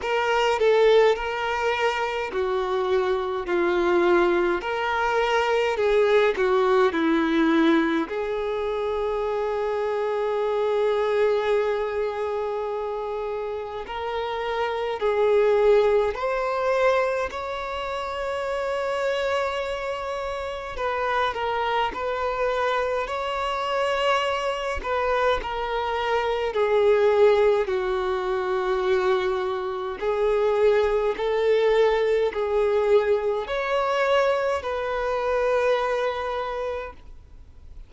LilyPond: \new Staff \with { instrumentName = "violin" } { \time 4/4 \tempo 4 = 52 ais'8 a'8 ais'4 fis'4 f'4 | ais'4 gis'8 fis'8 e'4 gis'4~ | gis'1 | ais'4 gis'4 c''4 cis''4~ |
cis''2 b'8 ais'8 b'4 | cis''4. b'8 ais'4 gis'4 | fis'2 gis'4 a'4 | gis'4 cis''4 b'2 | }